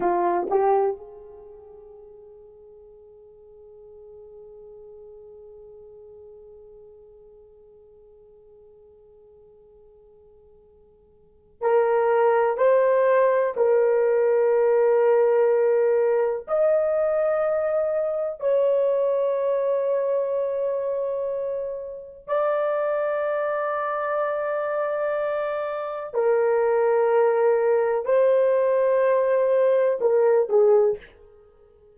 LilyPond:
\new Staff \with { instrumentName = "horn" } { \time 4/4 \tempo 4 = 62 f'8 g'8 gis'2.~ | gis'1~ | gis'1 | ais'4 c''4 ais'2~ |
ais'4 dis''2 cis''4~ | cis''2. d''4~ | d''2. ais'4~ | ais'4 c''2 ais'8 gis'8 | }